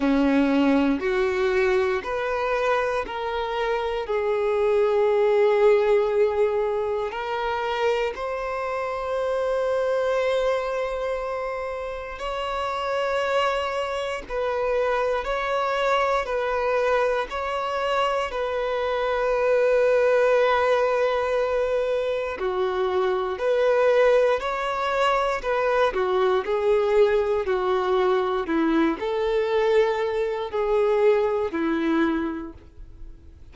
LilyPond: \new Staff \with { instrumentName = "violin" } { \time 4/4 \tempo 4 = 59 cis'4 fis'4 b'4 ais'4 | gis'2. ais'4 | c''1 | cis''2 b'4 cis''4 |
b'4 cis''4 b'2~ | b'2 fis'4 b'4 | cis''4 b'8 fis'8 gis'4 fis'4 | e'8 a'4. gis'4 e'4 | }